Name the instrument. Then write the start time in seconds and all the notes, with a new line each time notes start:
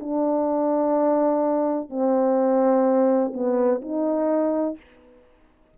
horn
0.00 D4
1.90 C4
3.34 B3
3.82 D#4